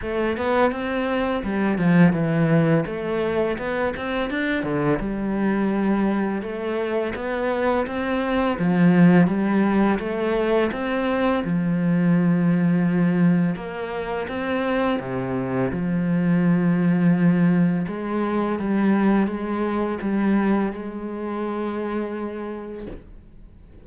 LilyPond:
\new Staff \with { instrumentName = "cello" } { \time 4/4 \tempo 4 = 84 a8 b8 c'4 g8 f8 e4 | a4 b8 c'8 d'8 d8 g4~ | g4 a4 b4 c'4 | f4 g4 a4 c'4 |
f2. ais4 | c'4 c4 f2~ | f4 gis4 g4 gis4 | g4 gis2. | }